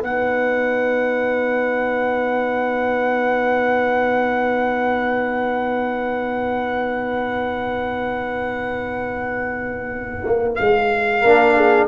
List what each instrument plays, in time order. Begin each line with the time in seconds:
0.00 tuba B3, trombone D#4, horn B4, trumpet F#5
10.25 tuba A#3
10.55 tuba G#3, trumpet F5
11.20 tuba A#3, trombone D4, horn A#4
11.56 horn G#4